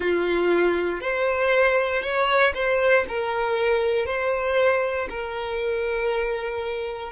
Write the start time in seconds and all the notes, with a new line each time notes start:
0.00 F4
1.00 C5
2.02 C#5
2.54 C5
3.08 A#4
4.06 C5
5.09 A#4